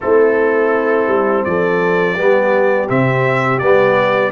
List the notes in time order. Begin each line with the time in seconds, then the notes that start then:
0.00 A3 C4 E4 A4
1.07 G3
1.44 F3 A4 D5
2.15 G3 B3 G4
2.88 C3 C4 E5
3.58 G3 B3 D5